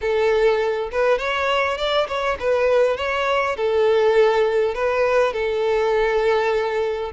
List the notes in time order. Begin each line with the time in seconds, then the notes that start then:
0.01 A4
0.91 B4
1.18 C#5
1.77 D5
2.07 C#5
2.39 B4
2.96 C#5
3.56 A4
4.74 B4
5.33 A4